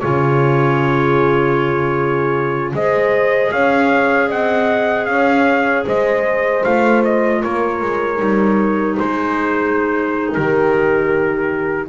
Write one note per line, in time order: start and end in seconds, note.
0.00 2.74 C#3
0.00 2.75 F4
0.00 2.74 G#4
0.00 2.73 C#5
2.74 3.51 G#3
2.74 6.62 G#4
2.74 3.53 C5
2.74 3.52 D#5
3.52 4.30 C#4
3.52 4.28 C#5
3.52 4.30 F5
4.28 5.07 C4
4.28 5.06 D#5
4.28 5.06 F#5
5.06 5.85 C#4
5.06 5.83 F5
5.12 5.86 C#5
5.86 6.65 G#3
5.86 7.41 C5
5.86 6.64 D#5
6.62 7.44 A3
6.62 8.17 F4
6.62 7.03 F5
7.04 7.43 D#5
7.41 7.82 A#3
7.41 8.97 A#4
7.41 8.98 C#5
7.82 8.20 G#3
8.17 8.98 G3
8.17 11.87 D#4
8.98 10.36 G#3
8.98 10.35 G#4
8.98 10.34 C5
10.34 11.89 D#3
10.34 11.89 G4
10.34 11.89 A#4